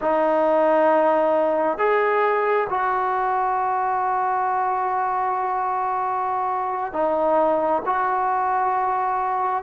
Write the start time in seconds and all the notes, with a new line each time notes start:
0.01 D#4
1.78 G#4
2.69 F#4
6.92 D#4
7.85 F#4